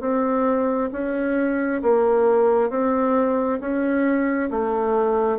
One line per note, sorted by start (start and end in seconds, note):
0.00 0.90 C4
0.92 1.82 C#4
1.82 2.69 A#3
2.69 3.59 C4
3.60 4.49 C#4
4.50 5.38 A3